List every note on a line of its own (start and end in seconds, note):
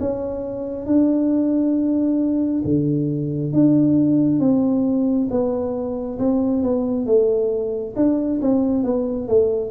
0.00 0.86 C#4
0.86 2.62 D4
2.64 3.53 D3
3.53 4.40 D4
4.40 5.28 C4
5.30 6.18 B3
6.18 6.63 C4
6.63 7.06 B3
7.06 7.94 A3
7.96 8.40 D4
8.42 8.84 C4
8.84 9.28 B3
9.28 9.71 A3